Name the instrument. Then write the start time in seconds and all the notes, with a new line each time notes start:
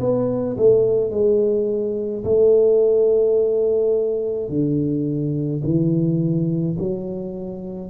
tuba
0.00 B3
0.57 A3
1.11 G#3
2.24 A3
4.49 D3
5.64 E3
6.79 F#3